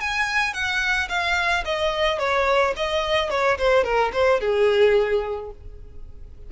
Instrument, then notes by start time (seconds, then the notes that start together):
violin
0.00 G#5
0.53 F#5
1.08 F5
1.64 D#5
2.18 C#5
2.76 D#5
3.30 C#5
3.58 C5
3.84 A#4
4.13 C5
4.40 G#4